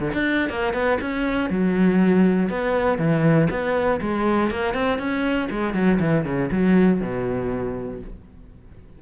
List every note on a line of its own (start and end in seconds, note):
0.00 0.12 D3
0.14 0.50 D4
0.50 0.74 A#3
0.74 0.99 B3
1.02 1.50 C#4
1.50 2.50 F#3
2.50 2.99 B3
2.99 3.49 E3
3.51 4.01 B3
4.01 4.51 G#3
4.51 4.74 A#3
4.74 4.99 C4
4.99 5.49 C#4
5.51 5.74 G#3
5.74 5.99 F#3
6.00 6.25 E3
6.25 6.50 C#3
6.52 7.01 F#3
7.01 8.01 B2